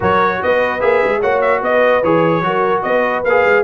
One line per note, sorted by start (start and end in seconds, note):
0.00 0.42 F#3
0.00 0.80 F#4
0.00 0.41 A#4
0.00 0.42 C#5
0.42 0.82 B3
0.42 1.20 B4
0.42 0.80 D#5
0.80 1.02 A#3
0.80 1.21 G#4
0.80 1.21 E5
1.04 1.23 G#3
1.20 1.61 A#3
1.20 2.03 F#4
1.20 1.61 C#5
1.20 1.41 F#5
1.41 1.61 E5
1.61 2.02 B3
1.61 2.43 B4
1.61 2.03 D#5
2.03 2.41 E3
2.03 2.42 G#4
2.03 2.82 C#5
2.41 2.82 F#3
2.41 3.24 F#4
2.41 2.84 A#4
2.82 3.24 B3
2.82 3.63 B4
2.82 3.22 D#5
3.24 3.44 A#3
3.24 3.63 G#4
3.24 3.63 F5
3.44 3.63 G#3